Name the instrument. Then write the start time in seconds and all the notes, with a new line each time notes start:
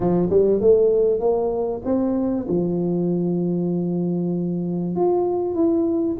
tuba
0.00 F3
0.30 G3
0.60 A3
1.19 A#3
1.84 C4
2.48 F3
4.95 F4
5.54 E4